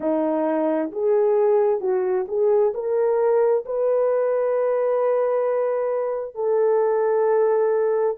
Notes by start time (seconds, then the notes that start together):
0.00 D#4
0.91 G#4
1.80 F#4
2.27 G#4
2.74 A#4
3.65 B4
6.34 A4